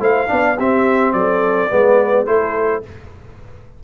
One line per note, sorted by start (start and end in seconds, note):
0.00 0.29 A3
0.00 0.28 E4
0.00 0.29 C5
0.00 0.60 F5
0.28 0.59 B3
0.28 0.56 D4
0.28 0.58 D5
0.58 1.13 C4
0.58 1.70 C4
0.58 1.15 G4
0.58 1.13 E5
1.13 1.70 F#3
1.13 1.71 A4
1.13 2.26 D5
1.70 2.27 G#3
1.70 2.26 B3
1.70 2.27 B4
2.26 2.84 A3
2.26 2.83 E4
2.26 2.84 A4
2.26 2.83 C5